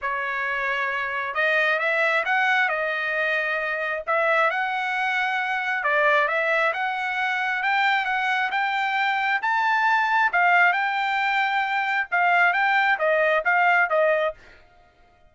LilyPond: \new Staff \with { instrumentName = "trumpet" } { \time 4/4 \tempo 4 = 134 cis''2. dis''4 | e''4 fis''4 dis''2~ | dis''4 e''4 fis''2~ | fis''4 d''4 e''4 fis''4~ |
fis''4 g''4 fis''4 g''4~ | g''4 a''2 f''4 | g''2. f''4 | g''4 dis''4 f''4 dis''4 | }